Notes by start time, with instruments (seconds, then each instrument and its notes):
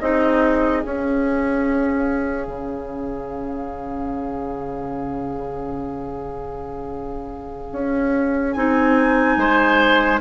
0.00 bassoon C4, clarinet D#4, oboe G#4, flute D#5
0.82 clarinet C#4, bassoon C#4, flute F5
2.47 bassoon C#3
7.72 bassoon C#4
8.52 bassoon C4, clarinet D#4, flute G#5
9.37 bassoon G#3, oboe C5